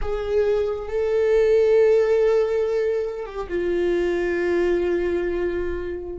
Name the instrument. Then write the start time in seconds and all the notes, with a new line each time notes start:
viola
0.01 G#4
0.88 A4
3.25 G4
3.49 F4